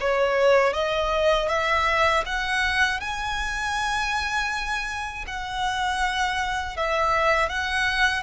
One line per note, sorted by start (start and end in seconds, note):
0.00 0.73 C#5
0.73 1.48 D#5
1.48 2.23 E5
2.26 3.00 F#5
3.00 5.25 G#5
5.26 6.76 F#5
6.76 7.49 E5
7.49 8.23 F#5